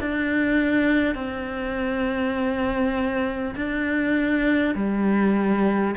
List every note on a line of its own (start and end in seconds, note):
0.00 1.15 D4
1.15 3.55 C4
3.56 4.75 D4
4.75 5.95 G3